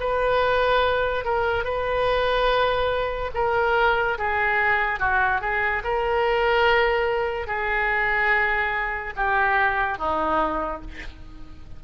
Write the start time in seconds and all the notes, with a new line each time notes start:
0.00 B4
1.25 A#4
1.64 B4
3.34 A#4
4.18 G#4
5.00 F#4
5.41 G#4
5.84 A#4
7.47 G#4
9.16 G4
9.98 D#4